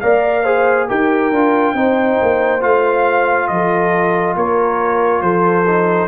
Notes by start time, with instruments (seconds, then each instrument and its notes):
0.00 tuba A#3, trombone A#4, horn D5, trumpet F5
0.43 trombone G#4, horn C5
0.88 tuba D#4, trombone G4, horn A#4, trumpet G5
1.31 tuba D4, trombone F4
1.74 tuba C4, trombone D#4, horn C5
2.21 tuba A#3
2.60 tuba A3, trombone F4, trumpet F5
3.47 tuba F3, horn A4, trumpet D#5
4.35 tuba A#3, horn A#4, trumpet C#5
5.21 tuba F3, horn A4, trumpet C5
5.67 trombone D#4